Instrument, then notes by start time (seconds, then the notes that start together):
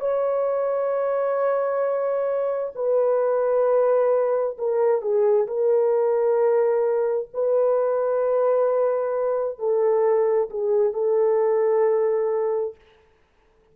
horn
0.00 C#5
2.75 B4
4.57 A#4
5.01 G#4
5.47 A#4
7.33 B4
9.58 A4
10.50 G#4
10.93 A4